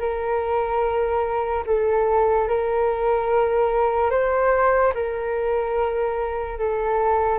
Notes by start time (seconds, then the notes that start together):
0.00 A#4
1.67 A4
2.48 A#4
4.11 C5
4.94 A#4
6.59 A4